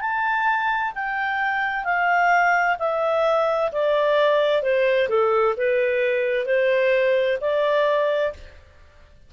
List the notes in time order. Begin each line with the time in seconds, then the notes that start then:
0.00 A5
0.94 G5
1.84 F5
2.79 E5
3.72 D5
4.62 C5
5.09 A4
5.57 B4
6.45 C5
7.41 D5